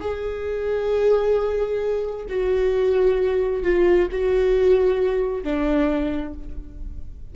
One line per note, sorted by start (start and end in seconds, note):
0.00 2.26 G#4
2.29 3.63 F#4
3.63 4.08 F4
4.11 5.43 F#4
5.43 6.34 D4